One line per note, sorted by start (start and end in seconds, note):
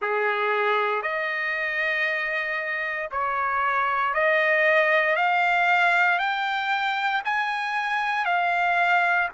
0.01 1.02 G#4
1.02 3.09 D#5
3.11 4.14 C#5
4.14 5.16 D#5
5.16 6.18 F5
6.18 7.22 G5
7.24 8.25 G#5
8.25 9.28 F5